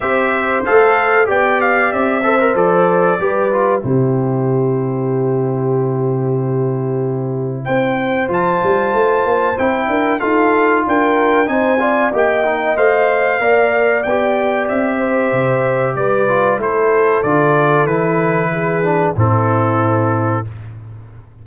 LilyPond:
<<
  \new Staff \with { instrumentName = "trumpet" } { \time 4/4 \tempo 4 = 94 e''4 f''4 g''8 f''8 e''4 | d''2 c''2~ | c''1 | g''4 a''2 g''4 |
f''4 g''4 gis''4 g''4 | f''2 g''4 e''4~ | e''4 d''4 c''4 d''4 | b'2 a'2 | }
  \new Staff \with { instrumentName = "horn" } { \time 4/4 c''2 d''4. c''8~ | c''4 b'4 g'2~ | g'1 | c''2.~ c''8 ais'8 |
a'4 ais'4 c''8 d''8 dis''4~ | dis''4 d''2~ d''8 c''8~ | c''4 b'4 a'2~ | a'4 gis'4 e'2 | }
  \new Staff \with { instrumentName = "trombone" } { \time 4/4 g'4 a'4 g'4. a'16 ais'16 | a'4 g'8 f'8 e'2~ | e'1~ | e'4 f'2 e'4 |
f'2 dis'8 f'8 g'8 dis'8 | c''4 ais'4 g'2~ | g'4. f'8 e'4 f'4 | e'4. d'8 c'2 | }
  \new Staff \with { instrumentName = "tuba" } { \time 4/4 c'4 a4 b4 c'4 | f4 g4 c2~ | c1 | c'4 f8 g8 a8 ais8 c'8 d'8 |
dis'4 d'4 c'4 ais4 | a4 ais4 b4 c'4 | c4 g4 a4 d4 | e2 a,2 | }
>>